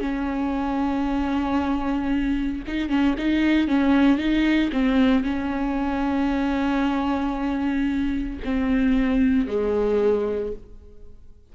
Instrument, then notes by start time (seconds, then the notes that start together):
viola
0.00 C#4
2.67 D#4
2.89 C#4
3.18 D#4
3.67 C#4
4.18 D#4
4.72 C4
5.23 C#4
8.44 C4
9.47 G#3